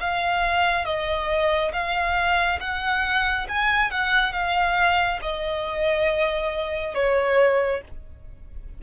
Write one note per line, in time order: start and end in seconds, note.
0.00 0.85 F5
0.85 1.72 D#5
1.72 2.59 F5
2.60 3.47 F#5
3.49 3.91 G#5
3.91 4.32 F#5
4.32 5.19 F5
5.22 6.94 D#5
6.94 7.81 C#5